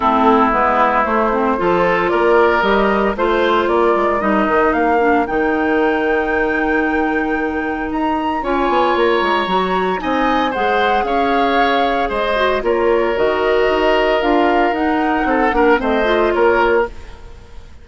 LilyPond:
<<
  \new Staff \with { instrumentName = "flute" } { \time 4/4 \tempo 4 = 114 a'4 b'4 c''2 | d''4 dis''4 c''4 d''4 | dis''4 f''4 g''2~ | g''2. ais''4 |
gis''4 ais''2 gis''4 | fis''4 f''2 dis''4 | cis''4 dis''2 f''4 | fis''2 dis''4 cis''4 | }
  \new Staff \with { instrumentName = "oboe" } { \time 4/4 e'2. a'4 | ais'2 c''4 ais'4~ | ais'1~ | ais'1 |
cis''2. dis''4 | c''4 cis''2 c''4 | ais'1~ | ais'4 a'8 ais'8 c''4 ais'4 | }
  \new Staff \with { instrumentName = "clarinet" } { \time 4/4 c'4 b4 a8 c'8 f'4~ | f'4 g'4 f'2 | dis'4. d'8 dis'2~ | dis'1 |
f'2 fis'4 dis'4 | gis'2.~ gis'8 fis'8 | f'4 fis'2 f'4 | dis'4. d'8 c'8 f'4. | }
  \new Staff \with { instrumentName = "bassoon" } { \time 4/4 a4 gis4 a4 f4 | ais4 g4 a4 ais8 gis8 | g8 dis8 ais4 dis2~ | dis2. dis'4 |
cis'8 b8 ais8 gis8 fis4 c'4 | gis4 cis'2 gis4 | ais4 dis4 dis'4 d'4 | dis'4 c'8 ais8 a4 ais4 | }
>>